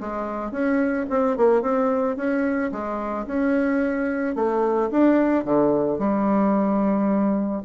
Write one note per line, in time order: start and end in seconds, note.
0.00 0.52 G#3
0.52 1.06 C#4
1.10 1.37 C4
1.37 1.62 A#3
1.62 2.16 C4
2.17 2.71 C#4
2.72 3.26 G#3
3.27 4.35 C#4
4.35 4.90 A3
4.91 5.44 D4
5.44 5.99 D3
5.99 7.62 G3